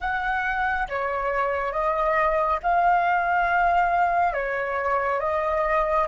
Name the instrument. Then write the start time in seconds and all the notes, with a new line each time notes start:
flute
0.00 F#5
0.88 C#5
1.72 D#5
2.62 F5
4.33 C#5
5.20 D#5